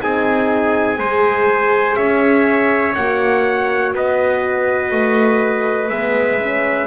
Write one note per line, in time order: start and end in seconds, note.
0.00 0.99 C4
0.00 0.98 D#4
0.00 0.99 G#4
0.00 1.96 G#5
0.99 1.97 G#3
0.99 2.97 G#4
0.99 1.97 C5
1.96 2.96 C#4
1.96 3.94 C#5
1.96 2.94 E5
2.95 3.94 A#3
2.95 5.92 F#4
2.95 3.94 F#5
3.94 4.91 B3
3.94 6.87 B4
3.94 5.90 D#5
4.91 5.90 A3
5.90 6.87 G#3
5.90 6.39 B3
5.90 6.87 E5
6.39 6.87 C#4